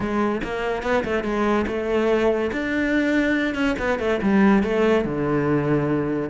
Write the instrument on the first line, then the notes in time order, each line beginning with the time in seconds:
cello
0.00 G#3
0.43 A#3
0.83 B3
1.04 A3
1.23 G#3
1.67 A3
2.52 D4
3.54 C#4
3.78 B3
3.99 A3
4.22 G3
4.63 A3
5.05 D3